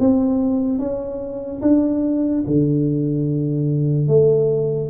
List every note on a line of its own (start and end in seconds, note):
0.00 0.79 C4
0.79 1.61 C#4
1.62 2.44 D4
2.47 4.08 D3
4.08 4.90 A3